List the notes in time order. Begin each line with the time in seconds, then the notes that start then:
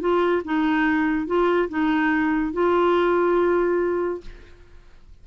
0.00 F4
0.44 D#4
1.26 F4
1.69 D#4
2.53 F4